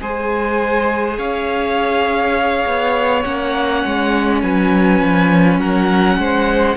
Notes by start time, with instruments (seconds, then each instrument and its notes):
0.00 cello G#3, viola G#4, violin C5 G#5
1.18 cello C#4, violin C#5 F5
2.66 cello B3
3.23 cello A#3, viola C#4, violin F#5
3.85 cello G#3
4.42 cello F#3, violin B4 G#5
5.01 cello F3
5.58 cello F#3, violin A#4 F#5
6.17 cello G#3, violin C5